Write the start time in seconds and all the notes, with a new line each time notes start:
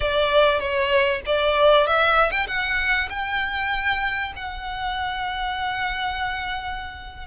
0.00 D5
0.59 C#5
1.26 D5
1.86 E5
2.31 G5
2.47 F#5
3.09 G5
4.36 F#5